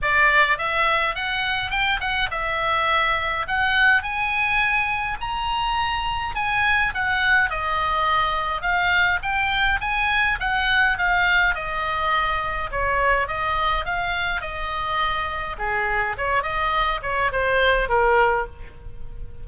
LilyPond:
\new Staff \with { instrumentName = "oboe" } { \time 4/4 \tempo 4 = 104 d''4 e''4 fis''4 g''8 fis''8 | e''2 fis''4 gis''4~ | gis''4 ais''2 gis''4 | fis''4 dis''2 f''4 |
g''4 gis''4 fis''4 f''4 | dis''2 cis''4 dis''4 | f''4 dis''2 gis'4 | cis''8 dis''4 cis''8 c''4 ais'4 | }